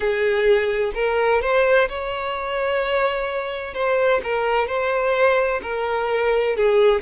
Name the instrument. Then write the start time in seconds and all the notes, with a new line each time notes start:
violin
0.00 G#4
0.94 A#4
1.41 C5
1.88 C#5
3.73 C5
4.23 A#4
4.67 C5
5.62 A#4
6.56 G#4